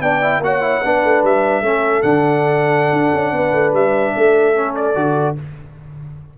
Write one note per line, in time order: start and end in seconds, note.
0.00 0.39 B3
0.00 0.22 D4
0.00 0.42 D5
0.00 0.42 G5
0.22 0.42 E4
0.39 0.79 A#3
0.39 0.61 F#4
0.39 0.84 C#5
0.39 1.24 F#5
0.61 0.81 E4
0.84 1.04 B3
0.84 1.63 D4
0.84 1.64 B4
1.04 1.23 A3
1.23 1.61 G3
1.23 2.02 E5
1.61 2.02 A3
1.61 2.03 C#4
1.61 3.35 A4
2.02 2.92 D3
2.02 4.55 D4
2.02 3.73 F#5
2.92 3.12 D4
3.13 3.32 C#4
3.32 3.52 B3
3.32 4.15 B4
3.53 3.73 A3
3.73 4.13 G3
3.73 4.75 E5
4.16 4.95 A3
4.16 5.38 A4
4.55 4.95 C#4
4.75 5.36 D5
4.95 5.35 D3
4.95 5.35 F#4